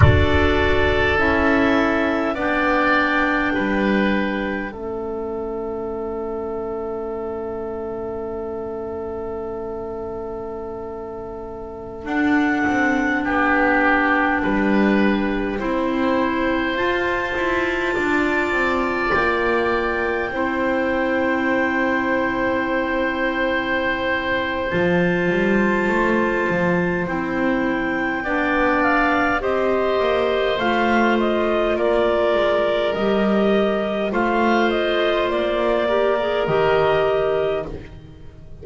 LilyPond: <<
  \new Staff \with { instrumentName = "clarinet" } { \time 4/4 \tempo 4 = 51 d''4 e''4 g''2 | e''1~ | e''2~ e''16 fis''4 g''8.~ | g''2~ g''16 a''4.~ a''16~ |
a''16 g''2.~ g''8.~ | g''4 a''2 g''4~ | g''8 f''8 dis''4 f''8 dis''8 d''4 | dis''4 f''8 dis''8 d''4 dis''4 | }
  \new Staff \with { instrumentName = "oboe" } { \time 4/4 a'2 d''4 b'4 | a'1~ | a'2.~ a'16 g'8.~ | g'16 b'4 c''2 d''8.~ |
d''4~ d''16 c''2~ c''8.~ | c''1 | d''4 c''2 ais'4~ | ais'4 c''4. ais'4. | }
  \new Staff \with { instrumentName = "clarinet" } { \time 4/4 fis'4 e'4 d'2 | cis'1~ | cis'2~ cis'16 d'4.~ d'16~ | d'4~ d'16 e'4 f'4.~ f'16~ |
f'4~ f'16 e'2~ e'8.~ | e'4 f'2 e'4 | d'4 g'4 f'2 | g'4 f'4. g'16 gis'16 g'4 | }
  \new Staff \with { instrumentName = "double bass" } { \time 4/4 d'4 cis'4 b4 g4 | a1~ | a2~ a16 d'8 c'8 b8.~ | b16 g4 c'4 f'8 e'8 d'8 c'16~ |
c'16 ais4 c'2~ c'8.~ | c'4 f8 g8 a8 f8 c'4 | b4 c'8 ais8 a4 ais8 gis8 | g4 a4 ais4 dis4 | }
>>